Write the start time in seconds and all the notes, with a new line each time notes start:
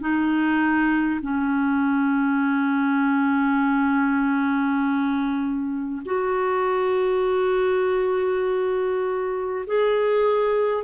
0.00 D#4
1.22 C#4
6.05 F#4
9.67 G#4